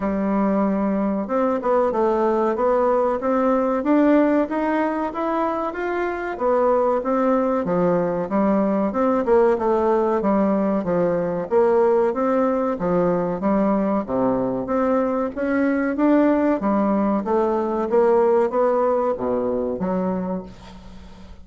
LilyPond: \new Staff \with { instrumentName = "bassoon" } { \time 4/4 \tempo 4 = 94 g2 c'8 b8 a4 | b4 c'4 d'4 dis'4 | e'4 f'4 b4 c'4 | f4 g4 c'8 ais8 a4 |
g4 f4 ais4 c'4 | f4 g4 c4 c'4 | cis'4 d'4 g4 a4 | ais4 b4 b,4 fis4 | }